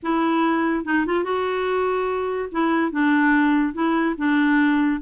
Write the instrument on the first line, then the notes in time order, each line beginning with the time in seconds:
clarinet
0.02 E4
0.84 D#4
1.06 F4
1.24 F#4
2.51 E4
2.91 D4
3.73 E4
4.17 D4